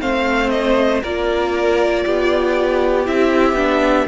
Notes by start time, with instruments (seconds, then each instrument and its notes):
0.00 cello A3, viola C4, violin C5 F5
0.49 violin D#5
1.03 cello A#3, viola F4, violin A#4 D5
2.05 cello B3, violin G4
3.06 cello C4, viola E4, violin E5
3.53 cello B3, viola D4